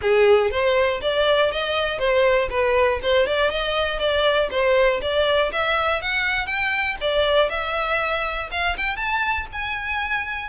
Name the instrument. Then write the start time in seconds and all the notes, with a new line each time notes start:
violin
0.01 G#4
0.50 C5
1.01 D5
1.51 D#5
1.98 C5
2.50 B4
3.02 C5
3.26 D5
3.50 D#5
3.99 D5
4.50 C5
5.01 D5
5.52 E5
6.01 F#5
6.46 G5
7.00 D5
7.49 E5
8.51 F5
8.77 G5
8.96 A5
9.52 G#5